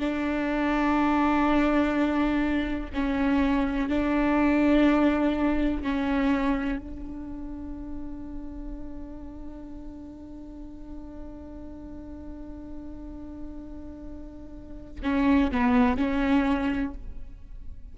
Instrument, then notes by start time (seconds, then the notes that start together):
viola
0.00 D4
2.94 C#4
3.90 D4
5.83 C#4
6.79 D4
15.03 C#4
15.52 B3
15.98 C#4